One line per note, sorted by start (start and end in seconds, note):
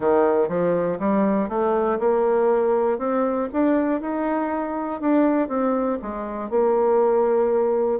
0.00 0.48 D#3
0.48 0.98 F3
0.99 1.48 G3
1.48 1.98 A3
1.99 2.98 A#3
2.98 3.48 C4
3.52 4.00 D4
4.00 5.00 D#4
5.00 5.48 D4
5.48 5.98 C4
6.02 6.50 G#3
6.50 8.00 A#3